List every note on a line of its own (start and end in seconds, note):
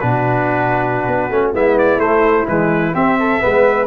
0.00 1.08 B2
0.00 1.31 D4
0.00 1.54 F#4
0.00 1.52 B4
1.08 1.30 B3
1.30 1.54 A3
1.30 1.54 C#4
1.54 1.98 G#3
1.54 2.00 B3
1.54 2.94 E4
1.54 1.78 E5
1.78 2.00 D5
1.98 2.45 A3
1.98 2.47 A3
1.98 2.47 C5
2.48 2.95 E3
2.48 2.94 G#3
2.48 2.95 B4
2.94 3.40 C4
2.94 3.42 C4
2.94 3.17 G4
2.94 3.87 E5
3.20 3.42 A4
3.40 3.87 G#3
3.40 3.87 B3
3.40 3.87 B4